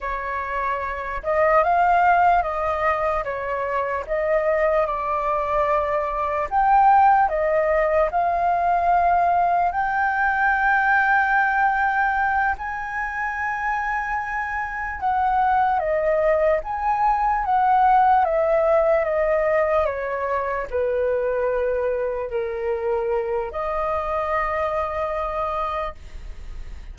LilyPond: \new Staff \with { instrumentName = "flute" } { \time 4/4 \tempo 4 = 74 cis''4. dis''8 f''4 dis''4 | cis''4 dis''4 d''2 | g''4 dis''4 f''2 | g''2.~ g''8 gis''8~ |
gis''2~ gis''8 fis''4 dis''8~ | dis''8 gis''4 fis''4 e''4 dis''8~ | dis''8 cis''4 b'2 ais'8~ | ais'4 dis''2. | }